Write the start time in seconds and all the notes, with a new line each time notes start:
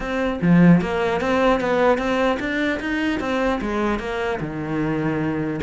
0.00 C4
0.41 F3
0.81 A#3
1.20 C4
1.60 B3
1.98 C4
2.39 D4
2.80 D#4
3.20 C4
3.61 G#3
3.99 A#3
4.40 D#3